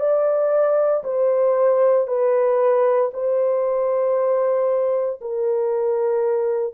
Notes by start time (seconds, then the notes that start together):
0.00 D5
1.04 C5
2.08 B4
3.14 C5
5.21 A#4